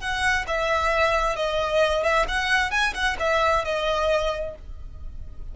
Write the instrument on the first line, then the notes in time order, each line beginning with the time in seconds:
violin
0.00 F#5
0.47 E5
1.35 D#5
2.03 E5
2.28 F#5
2.71 G#5
2.94 F#5
3.19 E5
3.64 D#5